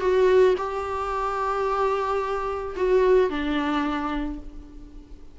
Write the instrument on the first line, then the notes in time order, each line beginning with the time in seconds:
viola
0.00 F#4
0.57 G4
2.76 F#4
3.30 D4